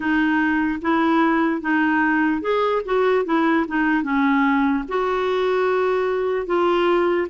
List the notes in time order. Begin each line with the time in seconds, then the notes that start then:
0.00 D#4
0.81 E4
1.61 D#4
2.41 G#4
2.85 F#4
3.25 E4
3.67 D#4
4.03 C#4
4.88 F#4
6.46 F4